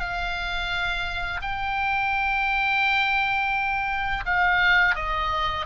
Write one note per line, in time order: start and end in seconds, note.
0.00 1.41 F5
1.42 4.24 G5
4.26 4.96 F5
4.96 5.66 D#5